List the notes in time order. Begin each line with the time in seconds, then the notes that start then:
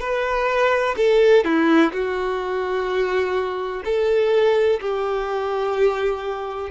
0.00 B4
0.97 A4
1.44 E4
1.92 F#4
3.85 A4
4.81 G4